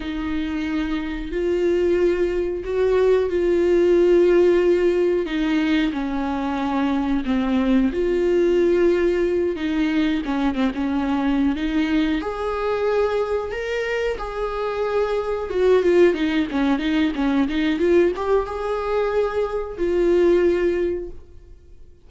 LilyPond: \new Staff \with { instrumentName = "viola" } { \time 4/4 \tempo 4 = 91 dis'2 f'2 | fis'4 f'2. | dis'4 cis'2 c'4 | f'2~ f'8 dis'4 cis'8 |
c'16 cis'4~ cis'16 dis'4 gis'4.~ | gis'8 ais'4 gis'2 fis'8 | f'8 dis'8 cis'8 dis'8 cis'8 dis'8 f'8 g'8 | gis'2 f'2 | }